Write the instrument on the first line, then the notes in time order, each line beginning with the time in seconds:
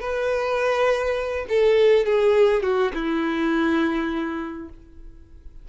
violin
0.00 B4
1.49 A4
2.05 G#4
2.63 F#4
2.94 E4